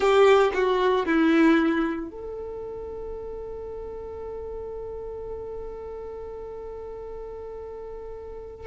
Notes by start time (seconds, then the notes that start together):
0.00 G4
0.54 F#4
1.05 E4
2.10 A4